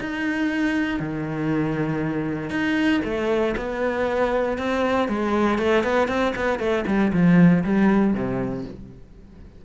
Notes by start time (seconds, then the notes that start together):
0.00 D#4
0.99 D#3
2.50 D#4
3.04 A3
3.57 B3
4.58 C4
5.08 G#3
5.58 A3
5.84 B3
6.08 C4
6.35 B3
6.59 A3
6.86 G3
7.12 F3
7.64 G3
8.13 C3